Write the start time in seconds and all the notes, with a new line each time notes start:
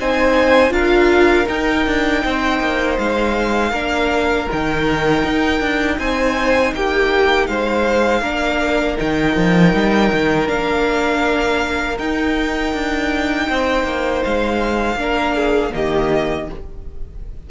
0.00 C4 D#4 C5 G#5
0.71 D4 F4 A#4 F5
1.46 D#4 G5
1.87 D4
2.25 C4 C5
2.61 A#3
2.99 G#3 F5
3.71 A#3 D4 A#4
4.49 D#3 D#4 G5
5.24 D#4
5.61 D4
5.99 C4 C5 G#5
6.74 A#3 G4 G5
7.48 G#3 C5 F5
8.22 A#3 D4 A#4
8.98 D#3 D#4 G5
9.37 F3
9.74 G3
10.13 D#3
10.47 A#3 D4 F5
11.99 D#4 G5
12.74 D4
13.49 C4 C5
13.85 A#3
14.24 G#3 F5
14.96 A#3 D4
15.02 A#4
15.36 G#4
15.71 D#3 A#3 G4 D#5